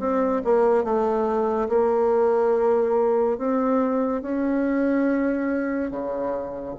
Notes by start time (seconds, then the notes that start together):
0.00 C4
0.45 A#3
0.85 A3
1.69 A#3
3.38 C4
4.23 C#4
5.91 C#3